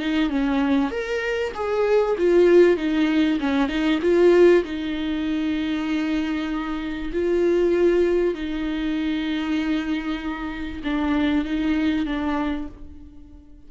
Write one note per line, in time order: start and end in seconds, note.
0.00 0.30 D#4
0.30 0.91 C#4
0.91 1.53 A#4
1.55 2.17 G#4
2.18 2.77 F4
2.77 3.39 D#4
3.40 3.69 C#4
3.69 4.00 D#4
4.02 4.64 F4
4.65 7.12 D#4
7.13 8.35 F4
8.35 10.82 D#4
10.85 11.45 D4
11.45 12.06 D#4
12.06 12.68 D4